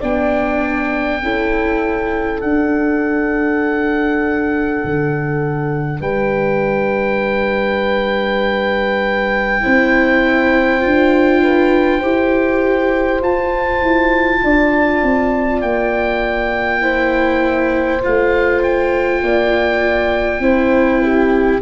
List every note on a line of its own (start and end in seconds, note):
0.00 1.22 B3
0.00 1.20 D4
0.00 1.20 D5
0.00 2.41 G5
1.22 2.42 C#4
1.22 2.42 E4
1.22 6.00 A4
2.41 4.82 D4
2.41 9.62 D4
2.41 6.01 F#5
4.84 6.00 D3
6.00 9.61 G3
6.00 9.60 B4
6.00 13.21 G5
9.62 10.85 C4
9.62 10.81 E4
9.62 11.43 C5
10.81 12.03 D4
10.81 12.01 F4
11.43 11.99 B4
11.99 13.21 E4
11.99 13.22 G4
11.99 14.39 C5
13.21 13.81 F4
13.21 16.82 F4
13.21 15.62 A5
13.82 14.42 E4
14.43 15.02 D4
14.43 16.82 D5
15.02 15.62 C4
15.62 18.02 A#3
15.62 18.02 G5
16.82 18.02 E4
16.82 19.22 C5
18.02 19.22 A3
18.02 20.41 F4
18.02 18.63 F5
18.63 21.62 G5
19.22 20.39 A#3
19.22 20.43 D5
20.39 21.59 C4
20.39 21.61 E4
20.39 21.03 C5
21.03 21.62 G4